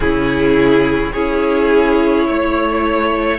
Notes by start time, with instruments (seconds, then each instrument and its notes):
0.00 cello C#3, viola C#4, violin E4 G#4
1.12 cello C#4, viola E4, violin G#4 C#5
2.28 cello A3, violin C#5